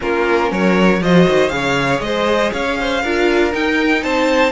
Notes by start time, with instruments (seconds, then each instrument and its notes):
0.00 cello A#3, viola C#4, violin F4 A#4
0.50 cello F#3, violin A#4 C#5
1.01 cello F3, viola F#4, violin C5 D#5
1.28 cello D#3
1.49 cello C#3, viola G#4, violin C#5 F5
2.00 cello G#3, violin C5 D#5
2.52 cello C#4, violin C#5 F5
2.80 violin C5
3.02 cello D4, viola F4, violin A#4
3.51 viola D#4, cello D#4, violin G5
4.02 cello C4, violin C5 A5